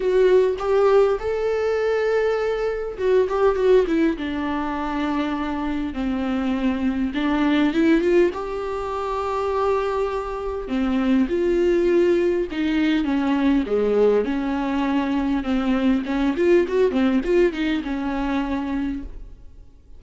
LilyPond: \new Staff \with { instrumentName = "viola" } { \time 4/4 \tempo 4 = 101 fis'4 g'4 a'2~ | a'4 fis'8 g'8 fis'8 e'8 d'4~ | d'2 c'2 | d'4 e'8 f'8 g'2~ |
g'2 c'4 f'4~ | f'4 dis'4 cis'4 gis4 | cis'2 c'4 cis'8 f'8 | fis'8 c'8 f'8 dis'8 cis'2 | }